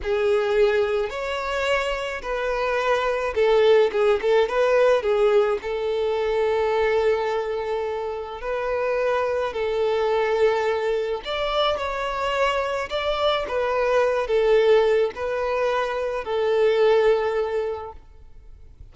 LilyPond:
\new Staff \with { instrumentName = "violin" } { \time 4/4 \tempo 4 = 107 gis'2 cis''2 | b'2 a'4 gis'8 a'8 | b'4 gis'4 a'2~ | a'2. b'4~ |
b'4 a'2. | d''4 cis''2 d''4 | b'4. a'4. b'4~ | b'4 a'2. | }